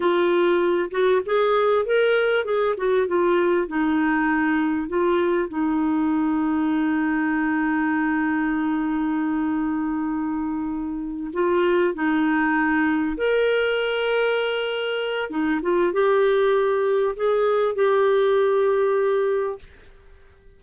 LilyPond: \new Staff \with { instrumentName = "clarinet" } { \time 4/4 \tempo 4 = 98 f'4. fis'8 gis'4 ais'4 | gis'8 fis'8 f'4 dis'2 | f'4 dis'2.~ | dis'1~ |
dis'2~ dis'8 f'4 dis'8~ | dis'4. ais'2~ ais'8~ | ais'4 dis'8 f'8 g'2 | gis'4 g'2. | }